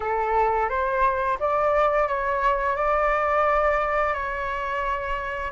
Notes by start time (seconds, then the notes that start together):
0.00 A4
0.69 C5
1.39 D5
2.08 C#5
2.76 D5
4.13 C#5